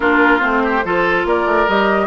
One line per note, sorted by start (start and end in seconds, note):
0.00 0.42 A#3
0.00 0.40 D4
0.00 0.62 F4
0.00 0.39 A#4
0.39 0.84 A3
0.39 0.81 C4
0.39 1.23 C5
0.63 0.84 G4
0.84 1.25 F3
0.84 1.68 F4
0.84 1.27 A4
1.25 1.45 A#3
1.25 2.06 A#4
1.25 1.68 D5
1.45 1.66 A3
1.67 2.06 G3
1.67 2.06 G4
1.67 2.06 D#5